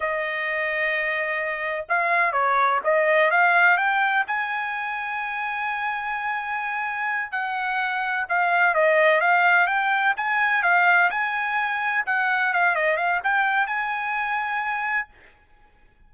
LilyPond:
\new Staff \with { instrumentName = "trumpet" } { \time 4/4 \tempo 4 = 127 dis''1 | f''4 cis''4 dis''4 f''4 | g''4 gis''2.~ | gis''2.~ gis''8 fis''8~ |
fis''4. f''4 dis''4 f''8~ | f''8 g''4 gis''4 f''4 gis''8~ | gis''4. fis''4 f''8 dis''8 f''8 | g''4 gis''2. | }